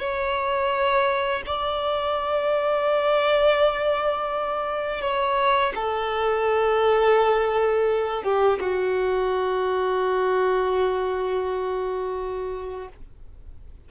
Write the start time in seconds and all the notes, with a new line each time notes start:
0.00 C#5
1.46 D5
5.01 C#5
5.75 A4
8.24 G4
8.60 F#4